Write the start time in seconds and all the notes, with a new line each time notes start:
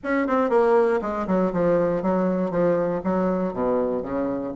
0.03 C#4
0.27 C4
0.49 A#3
1.01 G#3
1.27 F#3
1.52 F3
2.02 F#3
2.50 F3
3.03 F#3
3.53 B2
4.02 C#3